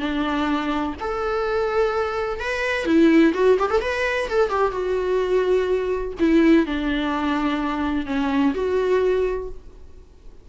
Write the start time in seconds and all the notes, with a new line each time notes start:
0.00 D4
1.01 A4
2.40 B4
2.86 E4
3.34 F#4
3.59 G4
3.71 A4
3.81 B4
4.29 A4
4.50 G4
4.72 F#4
6.20 E4
6.66 D4
8.07 C#4
8.55 F#4